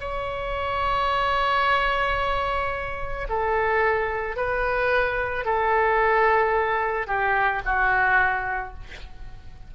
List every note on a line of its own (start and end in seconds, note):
0.00 3.27 C#5
3.29 4.36 A4
4.36 5.45 B4
5.45 7.07 A4
7.07 7.62 G4
7.65 8.74 F#4